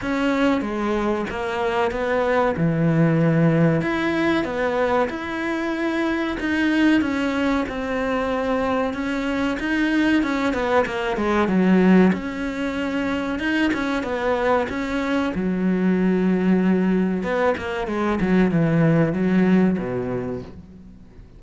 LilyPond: \new Staff \with { instrumentName = "cello" } { \time 4/4 \tempo 4 = 94 cis'4 gis4 ais4 b4 | e2 e'4 b4 | e'2 dis'4 cis'4 | c'2 cis'4 dis'4 |
cis'8 b8 ais8 gis8 fis4 cis'4~ | cis'4 dis'8 cis'8 b4 cis'4 | fis2. b8 ais8 | gis8 fis8 e4 fis4 b,4 | }